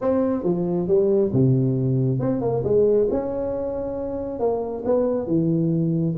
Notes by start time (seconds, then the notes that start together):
0.01 C4
0.43 F3
0.87 G3
1.32 C3
2.19 C4
2.41 A#3
2.64 G#3
3.10 C#4
4.39 A#3
4.85 B3
5.27 E3